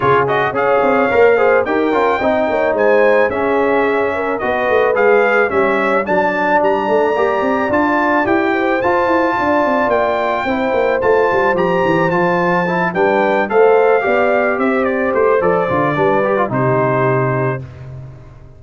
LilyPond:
<<
  \new Staff \with { instrumentName = "trumpet" } { \time 4/4 \tempo 4 = 109 cis''8 dis''8 f''2 g''4~ | g''4 gis''4 e''2 | dis''4 f''4 e''4 a''4 | ais''2 a''4 g''4 |
a''2 g''2 | a''4 ais''4 a''4. g''8~ | g''8 f''2 e''8 d''8 c''8 | d''2 c''2 | }
  \new Staff \with { instrumentName = "horn" } { \time 4/4 gis'4 cis''4. c''8 ais'4 | dis''8 cis''8 c''4 gis'4. ais'8 | b'2 cis''4 d''4~ | d''2.~ d''8 c''8~ |
c''4 d''2 c''4~ | c''2.~ c''8 b'8~ | b'8 c''4 d''4 c''4.~ | c''4 b'4 g'2 | }
  \new Staff \with { instrumentName = "trombone" } { \time 4/4 f'8 fis'8 gis'4 ais'8 gis'8 g'8 f'8 | dis'2 cis'2 | fis'4 gis'4 cis'4 d'4~ | d'4 g'4 f'4 g'4 |
f'2. e'4 | f'4 g'4 f'4 e'8 d'8~ | d'8 a'4 g'2~ g'8 | a'8 f'8 d'8 g'16 f'16 dis'2 | }
  \new Staff \with { instrumentName = "tuba" } { \time 4/4 cis4 cis'8 c'8 ais4 dis'8 cis'8 | c'8 ais8 gis4 cis'2 | b8 a8 gis4 g4 fis4 | g8 a8 ais8 c'8 d'4 e'4 |
f'8 e'8 d'8 c'8 ais4 c'8 ais8 | a8 g8 f8 e8 f4. g8~ | g8 a4 b4 c'4 a8 | f8 d8 g4 c2 | }
>>